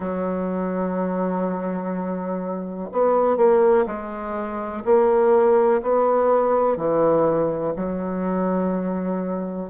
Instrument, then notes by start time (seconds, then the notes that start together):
bassoon
0.00 F#3
2.92 B3
3.36 A#3
3.86 G#3
4.84 A#3
5.82 B3
6.77 E3
7.76 F#3